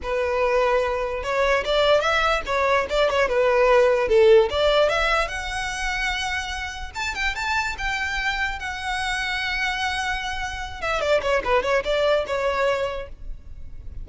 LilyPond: \new Staff \with { instrumentName = "violin" } { \time 4/4 \tempo 4 = 147 b'2. cis''4 | d''4 e''4 cis''4 d''8 cis''8 | b'2 a'4 d''4 | e''4 fis''2.~ |
fis''4 a''8 g''8 a''4 g''4~ | g''4 fis''2.~ | fis''2~ fis''8 e''8 d''8 cis''8 | b'8 cis''8 d''4 cis''2 | }